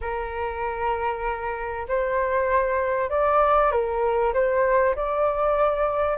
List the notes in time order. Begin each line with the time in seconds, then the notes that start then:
0.01 A#4
1.88 C5
3.10 D5
3.71 A#4
4.33 C5
4.95 D5